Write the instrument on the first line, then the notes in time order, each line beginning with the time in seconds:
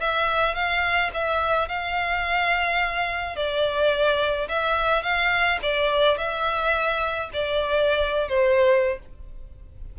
violin
0.00 E5
0.55 F5
1.13 E5
1.68 F5
3.36 D5
4.48 E5
5.03 F5
5.62 D5
6.18 E5
7.33 D5
8.28 C5